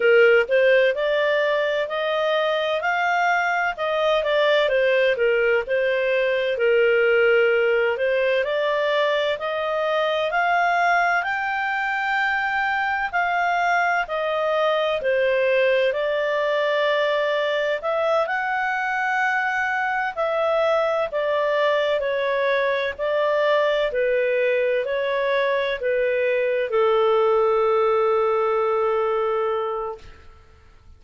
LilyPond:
\new Staff \with { instrumentName = "clarinet" } { \time 4/4 \tempo 4 = 64 ais'8 c''8 d''4 dis''4 f''4 | dis''8 d''8 c''8 ais'8 c''4 ais'4~ | ais'8 c''8 d''4 dis''4 f''4 | g''2 f''4 dis''4 |
c''4 d''2 e''8 fis''8~ | fis''4. e''4 d''4 cis''8~ | cis''8 d''4 b'4 cis''4 b'8~ | b'8 a'2.~ a'8 | }